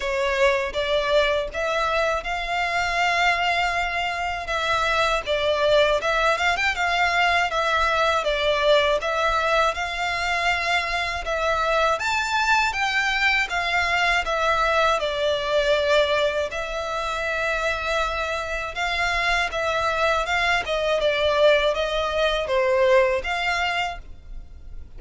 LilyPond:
\new Staff \with { instrumentName = "violin" } { \time 4/4 \tempo 4 = 80 cis''4 d''4 e''4 f''4~ | f''2 e''4 d''4 | e''8 f''16 g''16 f''4 e''4 d''4 | e''4 f''2 e''4 |
a''4 g''4 f''4 e''4 | d''2 e''2~ | e''4 f''4 e''4 f''8 dis''8 | d''4 dis''4 c''4 f''4 | }